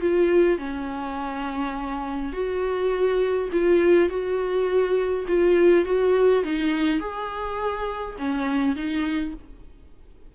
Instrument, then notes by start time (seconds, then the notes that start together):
viola
0.00 F4
0.58 C#4
2.32 F#4
3.52 F4
4.09 F#4
5.27 F4
5.85 F#4
6.43 D#4
6.99 G#4
8.18 C#4
8.75 D#4